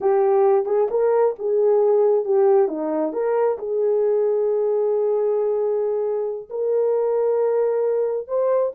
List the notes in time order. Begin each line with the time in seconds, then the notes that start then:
0.00 G4
0.65 G#4
0.90 A#4
1.38 G#4
2.24 G4
2.67 D#4
3.12 A#4
3.58 G#4
6.49 A#4
8.27 C5